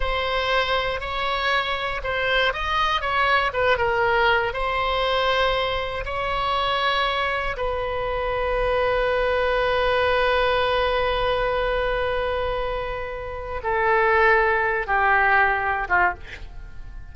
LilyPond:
\new Staff \with { instrumentName = "oboe" } { \time 4/4 \tempo 4 = 119 c''2 cis''2 | c''4 dis''4 cis''4 b'8 ais'8~ | ais'4 c''2. | cis''2. b'4~ |
b'1~ | b'1~ | b'2. a'4~ | a'4. g'2 f'8 | }